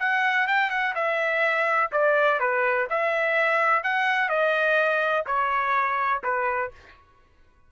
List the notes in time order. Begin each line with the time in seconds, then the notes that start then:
0.00 F#5
0.48 G5
0.70 F#5
0.95 E5
1.92 D5
2.40 B4
2.90 E5
3.84 F#5
4.29 D#5
5.26 C#5
6.24 B4